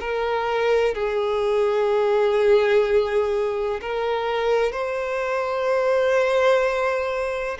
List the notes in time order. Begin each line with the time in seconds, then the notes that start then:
0.00 A#4
0.94 G#4
3.81 A#4
4.72 C5